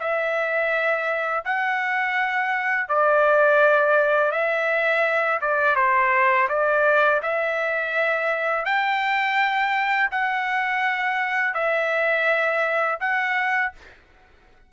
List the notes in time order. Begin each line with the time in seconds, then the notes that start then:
0.00 E5
1.45 F#5
2.89 D5
4.32 E5
5.42 D5
5.76 C5
6.49 D5
7.23 E5
8.66 G5
10.12 F#5
11.55 E5
13.01 F#5